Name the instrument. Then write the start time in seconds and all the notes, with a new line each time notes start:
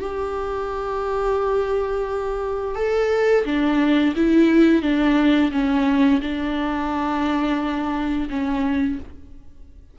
viola
0.00 G4
2.76 A4
3.45 D4
4.16 E4
4.82 D4
5.51 C#4
6.21 D4
8.30 C#4